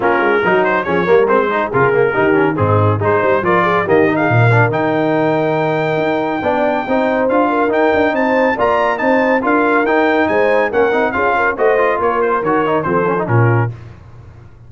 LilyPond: <<
  \new Staff \with { instrumentName = "trumpet" } { \time 4/4 \tempo 4 = 140 ais'4. c''8 cis''4 c''4 | ais'2 gis'4 c''4 | d''4 dis''8. f''4~ f''16 g''4~ | g''1~ |
g''4 f''4 g''4 a''4 | ais''4 a''4 f''4 g''4 | gis''4 fis''4 f''4 dis''4 | cis''8 c''8 cis''4 c''4 ais'4 | }
  \new Staff \with { instrumentName = "horn" } { \time 4/4 f'4 fis'4 gis'8 ais'4 gis'8~ | gis'4 g'4 dis'4 gis'8 c''8 | ais'8 gis'8 g'8. gis'16 ais'2~ | ais'2. d''4 |
c''4. ais'4. c''4 | d''4 c''4 ais'2 | c''4 ais'4 gis'8 ais'8 c''4 | ais'2 a'4 f'4 | }
  \new Staff \with { instrumentName = "trombone" } { \time 4/4 cis'4 dis'4 cis'8 ais8 c'8 dis'8 | f'8 ais8 dis'8 cis'8 c'4 dis'4 | f'4 ais8 dis'4 d'8 dis'4~ | dis'2. d'4 |
dis'4 f'4 dis'2 | f'4 dis'4 f'4 dis'4~ | dis'4 cis'8 dis'8 f'4 fis'8 f'8~ | f'4 fis'8 dis'8 c'8 cis'16 dis'16 cis'4 | }
  \new Staff \with { instrumentName = "tuba" } { \time 4/4 ais8 gis8 fis4 f8 g8 gis4 | cis4 dis4 gis,4 gis8 g8 | f4 dis4 ais,4 dis4~ | dis2 dis'4 b4 |
c'4 d'4 dis'8 d'8 c'4 | ais4 c'4 d'4 dis'4 | gis4 ais8 c'8 cis'4 a4 | ais4 dis4 f4 ais,4 | }
>>